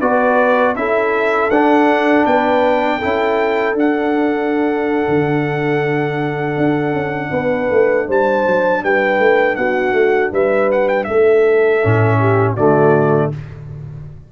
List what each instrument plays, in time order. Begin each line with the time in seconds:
0.00 tuba B3, trombone F#4, horn B4, trumpet D5
0.75 tuba C#4, trombone E4, horn A4, trumpet E5
1.50 tuba D4, trombone D4, trumpet F#5
2.26 tuba B3, horn B4, trumpet G5
2.98 tuba C#4, trombone E4, horn A4
3.74 tuba D4, trombone D4, trumpet F#5
5.08 tuba D3
6.57 tuba D4
6.93 tuba C#4
7.31 tuba B3, horn B4
7.71 tuba A3
8.07 tuba G3, horn C5, trumpet A5
8.46 tuba F#3
8.83 tuba G3, horn B4, trumpet G5
9.19 tuba A3
9.55 tuba B3, horn F#4, trumpet F#5
9.93 tuba A3
10.32 tuba G3, horn B4, trumpet E5
10.71 trumpet F#5
10.88 trumpet G5
11.04 tuba A3, horn A4, trumpet E5
11.83 tuba A2, trombone C#4
12.20 horn G4
12.53 tuba D3, trombone A3, horn F#4, trumpet D5